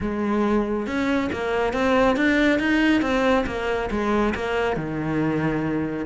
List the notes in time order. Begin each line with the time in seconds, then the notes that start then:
0.00 G#3
0.86 C#4
1.32 A#3
1.73 C4
2.16 D4
2.59 D#4
3.01 C4
3.46 A#3
3.90 G#3
4.34 A#3
4.76 D#3